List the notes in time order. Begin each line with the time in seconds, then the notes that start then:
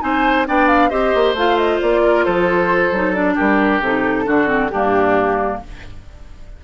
0.00 C4 D#4 C5 G#5
0.46 B3 D4 D5 G5
0.67 F5
0.89 C4 G4 C5 D#5
1.14 A#3
1.33 A3 F4 F5
1.57 D#5
1.81 A#3 D5
2.03 A#4
2.24 F3 A4 C5
2.91 F#3 D#4
3.13 D4 D5
3.34 G3 G4 A#4
3.80 C3 D#4 A4
4.25 D3 D4 F#4
4.47 C4
4.68 G2 D4 G4
4.74 A#3